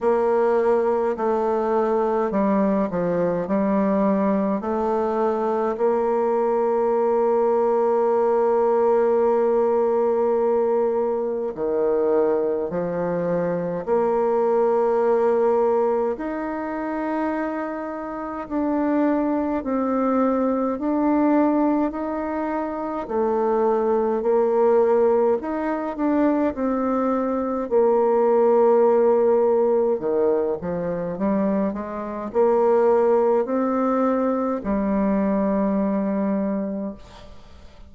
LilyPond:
\new Staff \with { instrumentName = "bassoon" } { \time 4/4 \tempo 4 = 52 ais4 a4 g8 f8 g4 | a4 ais2.~ | ais2 dis4 f4 | ais2 dis'2 |
d'4 c'4 d'4 dis'4 | a4 ais4 dis'8 d'8 c'4 | ais2 dis8 f8 g8 gis8 | ais4 c'4 g2 | }